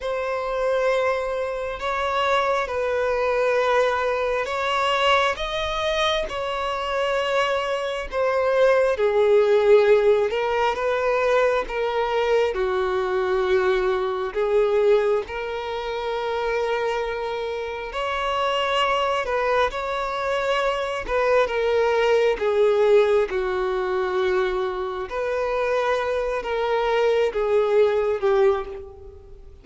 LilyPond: \new Staff \with { instrumentName = "violin" } { \time 4/4 \tempo 4 = 67 c''2 cis''4 b'4~ | b'4 cis''4 dis''4 cis''4~ | cis''4 c''4 gis'4. ais'8 | b'4 ais'4 fis'2 |
gis'4 ais'2. | cis''4. b'8 cis''4. b'8 | ais'4 gis'4 fis'2 | b'4. ais'4 gis'4 g'8 | }